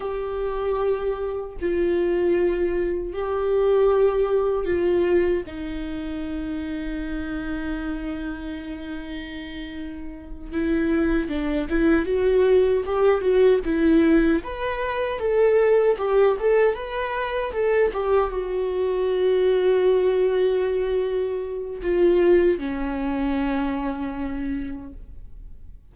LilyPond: \new Staff \with { instrumentName = "viola" } { \time 4/4 \tempo 4 = 77 g'2 f'2 | g'2 f'4 dis'4~ | dis'1~ | dis'4. e'4 d'8 e'8 fis'8~ |
fis'8 g'8 fis'8 e'4 b'4 a'8~ | a'8 g'8 a'8 b'4 a'8 g'8 fis'8~ | fis'1 | f'4 cis'2. | }